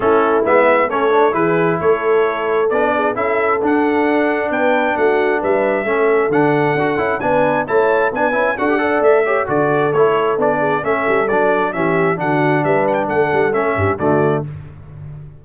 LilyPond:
<<
  \new Staff \with { instrumentName = "trumpet" } { \time 4/4 \tempo 4 = 133 a'4 e''4 cis''4 b'4 | cis''2 d''4 e''4 | fis''2 g''4 fis''4 | e''2 fis''2 |
gis''4 a''4 gis''4 fis''4 | e''4 d''4 cis''4 d''4 | e''4 d''4 e''4 fis''4 | e''8 fis''16 g''16 fis''4 e''4 d''4 | }
  \new Staff \with { instrumentName = "horn" } { \time 4/4 e'2 a'4 gis'4 | a'2~ a'8 gis'8 a'4~ | a'2 b'4 fis'4 | b'4 a'2. |
b'4 cis''4 b'4 a'8 d''8~ | d''8 cis''8 a'2~ a'8 gis'8 | a'2 g'4 fis'4 | b'4 a'4. g'8 fis'4 | }
  \new Staff \with { instrumentName = "trombone" } { \time 4/4 cis'4 b4 cis'8 d'8 e'4~ | e'2 d'4 e'4 | d'1~ | d'4 cis'4 d'4 fis'8 e'8 |
d'4 e'4 d'8 e'8 fis'16 g'16 a'8~ | a'8 g'8 fis'4 e'4 d'4 | cis'4 d'4 cis'4 d'4~ | d'2 cis'4 a4 | }
  \new Staff \with { instrumentName = "tuba" } { \time 4/4 a4 gis4 a4 e4 | a2 b4 cis'4 | d'2 b4 a4 | g4 a4 d4 d'8 cis'8 |
b4 a4 b8 cis'8 d'4 | a4 d4 a4 b4 | a8 g8 fis4 e4 d4 | g4 a8 g8 a8 g,8 d4 | }
>>